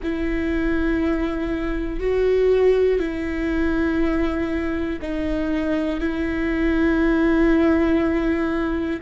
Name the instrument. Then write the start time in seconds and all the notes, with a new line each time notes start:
viola
0.02 E4
2.00 F#4
2.99 E4
5.01 D#4
6.00 E4